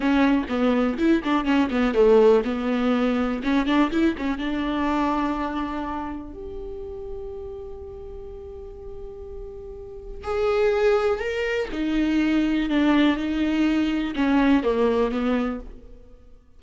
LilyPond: \new Staff \with { instrumentName = "viola" } { \time 4/4 \tempo 4 = 123 cis'4 b4 e'8 d'8 cis'8 b8 | a4 b2 cis'8 d'8 | e'8 cis'8 d'2.~ | d'4 g'2.~ |
g'1~ | g'4 gis'2 ais'4 | dis'2 d'4 dis'4~ | dis'4 cis'4 ais4 b4 | }